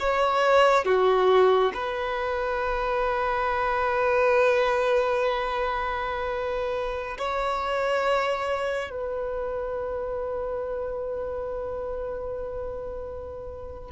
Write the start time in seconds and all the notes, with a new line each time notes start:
0.00 C#5
0.85 F#4
1.74 B4
7.18 C#5
8.91 B4